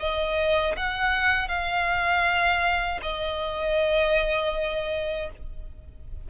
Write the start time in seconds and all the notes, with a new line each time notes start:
0.00 D#5
0.77 F#5
1.48 F5
3.02 D#5